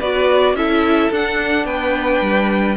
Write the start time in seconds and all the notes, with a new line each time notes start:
0.00 B3 F#4 B4 D5
0.54 C#4 E4 A4 E5
1.11 D4 F#5
1.65 B3 B4 G5
2.21 G3